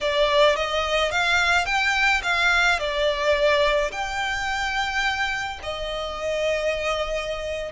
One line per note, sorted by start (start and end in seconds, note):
0.01 0.56 D5
0.56 1.11 D#5
1.11 1.65 F5
1.65 2.21 G5
2.23 2.79 F5
2.79 3.91 D5
3.91 5.59 G5
5.63 7.71 D#5